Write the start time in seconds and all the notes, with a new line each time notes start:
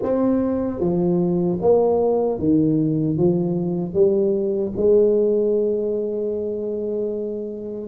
0.02 C4
0.80 F3
1.61 A#3
2.38 D#3
3.17 F3
3.93 G3
4.76 G#3